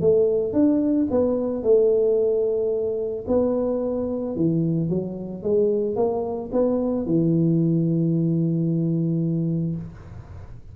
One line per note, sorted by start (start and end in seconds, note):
0.00 0.53 A3
0.53 1.07 D4
1.10 1.62 B3
1.62 3.25 A3
3.27 4.35 B3
4.36 4.89 E3
4.89 5.43 F#3
5.43 5.96 G#3
5.96 6.50 A#3
6.52 7.05 B3
7.05 9.75 E3